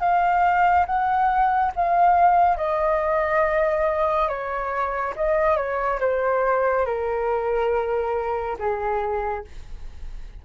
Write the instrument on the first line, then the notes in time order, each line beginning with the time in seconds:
flute
0.00 F5
0.86 F#5
1.76 F5
2.57 D#5
4.29 C#5
5.16 D#5
5.56 C#5
6.00 C5
6.86 A#4
8.59 G#4